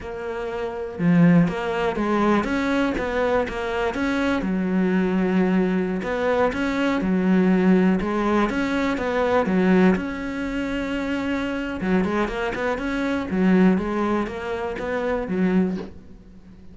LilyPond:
\new Staff \with { instrumentName = "cello" } { \time 4/4 \tempo 4 = 122 ais2 f4 ais4 | gis4 cis'4 b4 ais4 | cis'4 fis2.~ | fis16 b4 cis'4 fis4.~ fis16~ |
fis16 gis4 cis'4 b4 fis8.~ | fis16 cis'2.~ cis'8. | fis8 gis8 ais8 b8 cis'4 fis4 | gis4 ais4 b4 fis4 | }